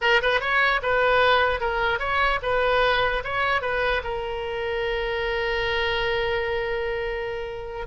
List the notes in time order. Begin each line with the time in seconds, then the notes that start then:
0.01 A#4
0.21 B4
0.40 C#5
0.82 B4
1.60 A#4
1.99 C#5
2.42 B4
3.24 C#5
3.61 B4
4.03 A#4